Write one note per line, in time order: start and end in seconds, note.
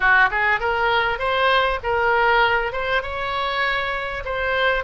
0.00 0.29 F#4
0.30 0.60 G#4
0.60 1.18 A#4
1.18 1.79 C5
1.83 2.72 A#4
2.72 3.02 C5
3.02 4.23 C#5
4.25 4.83 C5